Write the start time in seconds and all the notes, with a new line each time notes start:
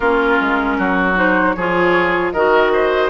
0.00 A#3 C#4 F4 A#4
0.40 G#3
0.78 F#3 F#4
1.15 D#4 C5
1.53 F3 F4 G#4 C#5
2.31 D#3 F#4 A#4 D#5
2.72 C5